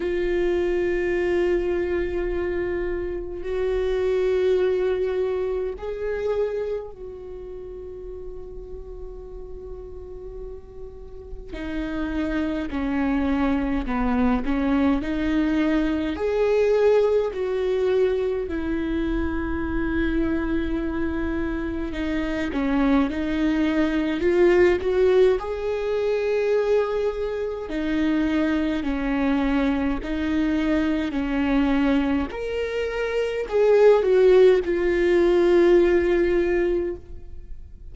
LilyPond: \new Staff \with { instrumentName = "viola" } { \time 4/4 \tempo 4 = 52 f'2. fis'4~ | fis'4 gis'4 fis'2~ | fis'2 dis'4 cis'4 | b8 cis'8 dis'4 gis'4 fis'4 |
e'2. dis'8 cis'8 | dis'4 f'8 fis'8 gis'2 | dis'4 cis'4 dis'4 cis'4 | ais'4 gis'8 fis'8 f'2 | }